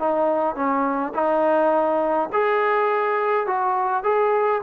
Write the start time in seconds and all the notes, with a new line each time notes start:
0.00 D#4
0.56 C#4
1.14 D#4
2.33 G#4
3.47 F#4
4.04 G#4